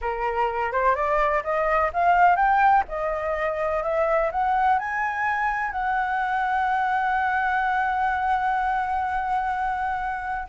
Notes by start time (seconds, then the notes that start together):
0.01 A#4
0.71 C5
0.95 D5
1.43 D#5
1.93 F5
2.35 G5
2.88 D#5
3.83 E5
4.31 F#5
4.79 G#5
5.71 F#5